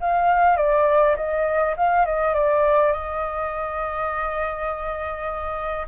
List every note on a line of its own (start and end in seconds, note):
0.00 0.57 F5
0.57 1.16 D5
1.16 1.75 D#5
1.76 2.05 F5
2.05 2.34 D#5
2.34 2.92 D5
2.92 5.86 D#5